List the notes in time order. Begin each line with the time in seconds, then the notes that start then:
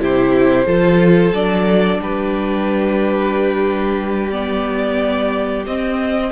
0.00 C3 E4 G4 C5
0.66 F3 F4 A4
1.32 F#3 D4 D5
2.00 G3 G4 B4
4.31 B3 D5
5.67 C4 D#5